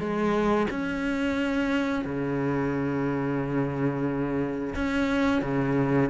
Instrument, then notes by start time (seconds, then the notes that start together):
cello
0.00 G#3
0.71 C#4
2.05 C#3
4.76 C#4
5.43 C#3